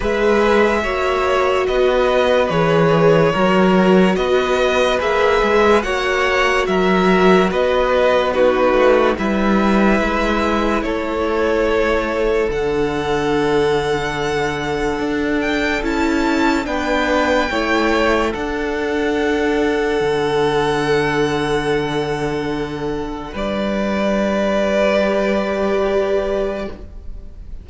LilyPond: <<
  \new Staff \with { instrumentName = "violin" } { \time 4/4 \tempo 4 = 72 e''2 dis''4 cis''4~ | cis''4 dis''4 e''4 fis''4 | e''4 dis''4 b'4 e''4~ | e''4 cis''2 fis''4~ |
fis''2~ fis''8 g''8 a''4 | g''2 fis''2~ | fis''1 | d''1 | }
  \new Staff \with { instrumentName = "violin" } { \time 4/4 b'4 cis''4 b'2 | ais'4 b'2 cis''4 | ais'4 b'4 fis'4 b'4~ | b'4 a'2.~ |
a'1 | b'4 cis''4 a'2~ | a'1 | b'1 | }
  \new Staff \with { instrumentName = "viola" } { \time 4/4 gis'4 fis'2 gis'4 | fis'2 gis'4 fis'4~ | fis'2 dis'4 e'4~ | e'2. d'4~ |
d'2. e'4 | d'4 e'4 d'2~ | d'1~ | d'2 g'2 | }
  \new Staff \with { instrumentName = "cello" } { \time 4/4 gis4 ais4 b4 e4 | fis4 b4 ais8 gis8 ais4 | fis4 b4. a8 g4 | gis4 a2 d4~ |
d2 d'4 cis'4 | b4 a4 d'2 | d1 | g1 | }
>>